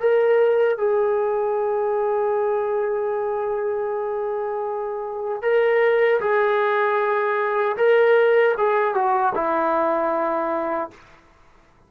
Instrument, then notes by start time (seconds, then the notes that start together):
trombone
0.00 A#4
0.78 G#4
5.42 A#4
6.21 G#4
7.77 A#4
8.58 G#4
8.95 F#4
9.35 E4